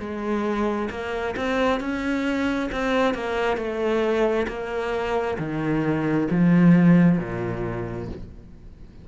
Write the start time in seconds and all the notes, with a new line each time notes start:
0.00 G#3
0.91 A#3
1.37 C4
1.81 C#4
2.72 C4
3.15 A#3
3.57 A3
4.48 A#3
5.39 D#3
6.31 F3
7.19 A#2